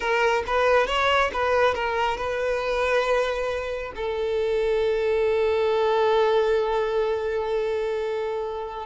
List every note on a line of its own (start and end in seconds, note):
0.00 0.43 A#4
0.46 0.87 B4
0.87 1.30 C#5
1.33 1.74 B4
1.74 2.17 A#4
2.17 3.92 B4
3.95 8.86 A4